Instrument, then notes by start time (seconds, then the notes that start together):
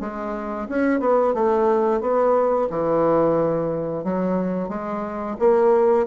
bassoon
0.00 G#3
0.68 C#4
1.00 B3
1.34 A3
2.01 B3
2.69 E3
4.04 F#3
4.69 G#3
5.39 A#3